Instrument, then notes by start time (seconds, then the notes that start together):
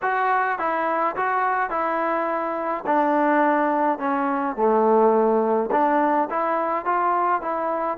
trombone
0.02 F#4
0.58 E4
1.16 F#4
1.70 E4
2.86 D4
3.98 C#4
4.56 A3
5.71 D4
6.30 E4
6.85 F4
7.41 E4